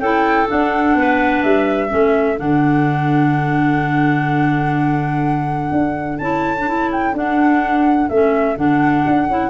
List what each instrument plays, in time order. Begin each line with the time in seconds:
0.00 tuba C#4, clarinet E4 A4, flute G5
0.48 clarinet D4, tuba D4, flute F#5
0.96 tuba B3, clarinet B4
1.43 tuba G3, flute E5
1.88 tuba A3, clarinet C#4 A4
2.37 tuba D3, clarinet D4, flute F#5
5.72 tuba D4
6.19 tuba C#4, clarinet E4, flute A5
6.59 clarinet D4
6.68 clarinet E4
6.92 flute G5
7.14 clarinet D4, tuba D4, flute F#5
8.09 tuba A3, clarinet C#4, flute E5
8.56 tuba D3, clarinet D4, flute F#5
9.07 tuba D4
9.28 tuba C#4, clarinet E4